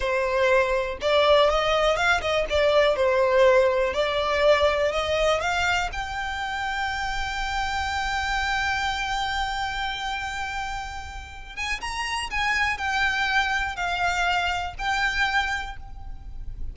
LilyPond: \new Staff \with { instrumentName = "violin" } { \time 4/4 \tempo 4 = 122 c''2 d''4 dis''4 | f''8 dis''8 d''4 c''2 | d''2 dis''4 f''4 | g''1~ |
g''1~ | g''2.~ g''8 gis''8 | ais''4 gis''4 g''2 | f''2 g''2 | }